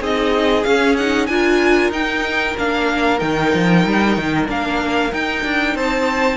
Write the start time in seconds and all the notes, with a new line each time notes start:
0.00 C4 D#4 G#4 D#5
0.63 C#4 F5
0.96 D#4 F#5
1.26 D4 F4 A#4 G#5
1.89 D#4 G5
2.57 A#3 D4 F5
3.18 D#3 D#4 G5
3.54 F3
3.85 G3
4.16 D#3
4.46 A#3 D4 F5
5.12 D#4 G5
5.44 D4
5.74 C4 C5 A5